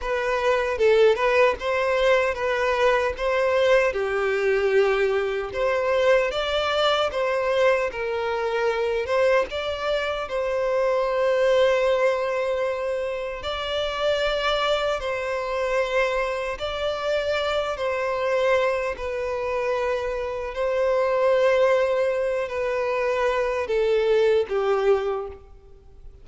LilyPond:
\new Staff \with { instrumentName = "violin" } { \time 4/4 \tempo 4 = 76 b'4 a'8 b'8 c''4 b'4 | c''4 g'2 c''4 | d''4 c''4 ais'4. c''8 | d''4 c''2.~ |
c''4 d''2 c''4~ | c''4 d''4. c''4. | b'2 c''2~ | c''8 b'4. a'4 g'4 | }